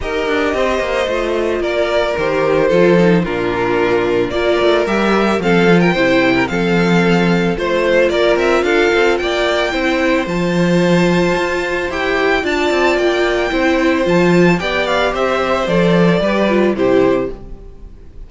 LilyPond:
<<
  \new Staff \with { instrumentName = "violin" } { \time 4/4 \tempo 4 = 111 dis''2. d''4 | c''2 ais'2 | d''4 e''4 f''8. g''4~ g''16 | f''2 c''4 d''8 e''8 |
f''4 g''2 a''4~ | a''2 g''4 a''4 | g''2 a''4 g''8 f''8 | e''4 d''2 c''4 | }
  \new Staff \with { instrumentName = "violin" } { \time 4/4 ais'4 c''2 ais'4~ | ais'4 a'4 f'2 | ais'2 a'8. ais'16 c''8. ais'16 | a'2 c''4 ais'4 |
a'4 d''4 c''2~ | c''2. d''4~ | d''4 c''2 d''4 | c''2 b'4 g'4 | }
  \new Staff \with { instrumentName = "viola" } { \time 4/4 g'2 f'2 | g'4 f'8 dis'8 d'2 | f'4 g'4 c'8 f'8 e'4 | c'2 f'2~ |
f'2 e'4 f'4~ | f'2 g'4 f'4~ | f'4 e'4 f'4 g'4~ | g'4 a'4 g'8 f'8 e'4 | }
  \new Staff \with { instrumentName = "cello" } { \time 4/4 dis'8 d'8 c'8 ais8 a4 ais4 | dis4 f4 ais,2 | ais8 a8 g4 f4 c4 | f2 a4 ais8 c'8 |
d'8 c'8 ais4 c'4 f4~ | f4 f'4 e'4 d'8 c'8 | ais4 c'4 f4 b4 | c'4 f4 g4 c4 | }
>>